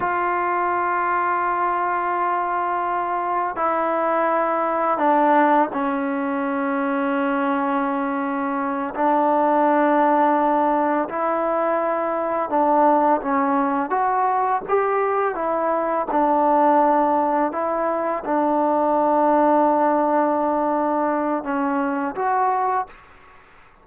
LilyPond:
\new Staff \with { instrumentName = "trombone" } { \time 4/4 \tempo 4 = 84 f'1~ | f'4 e'2 d'4 | cis'1~ | cis'8 d'2. e'8~ |
e'4. d'4 cis'4 fis'8~ | fis'8 g'4 e'4 d'4.~ | d'8 e'4 d'2~ d'8~ | d'2 cis'4 fis'4 | }